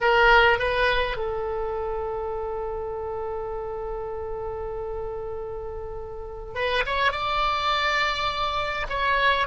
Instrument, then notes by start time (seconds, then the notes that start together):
oboe
0.01 A#4
0.58 B4
1.17 A4
6.54 B4
6.86 C#5
7.12 D5
8.89 C#5